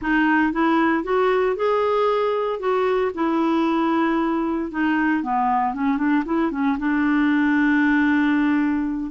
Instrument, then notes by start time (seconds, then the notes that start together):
clarinet
0.01 D#4
0.52 E4
1.03 F#4
1.56 G#4
2.59 F#4
3.14 E4
4.71 D#4
5.23 B3
5.73 C#4
5.97 D4
6.25 E4
6.51 C#4
6.78 D4